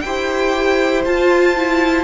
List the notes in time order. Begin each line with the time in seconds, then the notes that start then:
0.00 E4 G4 C5 G5
1.05 F4 A5
1.56 E4